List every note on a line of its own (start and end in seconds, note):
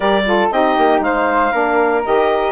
0.00 0.48 G3
0.00 0.23 G4
0.00 0.22 A#4
0.00 0.50 D5
0.25 0.50 F4
0.25 0.52 A4
0.51 0.77 C4
0.51 1.52 D#4
0.51 1.03 G4
0.51 1.01 D#5
0.77 1.00 A#3
1.00 1.51 G#3
1.00 1.52 C5
1.00 2.03 F5
1.52 2.04 A#3
1.52 2.03 D4
1.52 2.52 A#4
2.04 2.52 D#3
2.04 2.52 G4
2.04 2.52 D#5